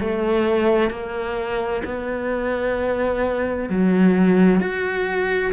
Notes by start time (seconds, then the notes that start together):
0.00 A3
0.91 A#3
1.85 B3
3.70 F#3
4.61 F#4